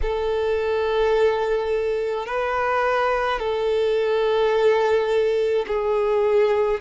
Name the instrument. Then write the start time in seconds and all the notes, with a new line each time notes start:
violin
0.02 A4
2.26 B4
3.39 A4
5.67 G#4